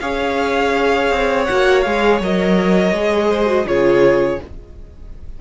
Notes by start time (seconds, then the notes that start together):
0.00 C#4 G#4 C#5 F5
1.11 C4
1.44 A#3 F#4 F#5
1.82 G#3 G#4 F5
2.20 F#3 A#4 D#5
2.92 G#3 G#4
3.30 C5
3.46 F#4
3.65 C#3 F4 G#4 C#5